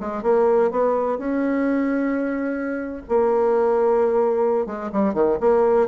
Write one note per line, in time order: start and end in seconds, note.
0.00 0.22 G#3
0.22 0.71 A#3
0.71 1.18 B3
1.18 3.02 C#4
3.08 4.66 A#3
4.66 4.90 G#3
4.92 5.13 G3
5.13 5.38 D#3
5.40 5.88 A#3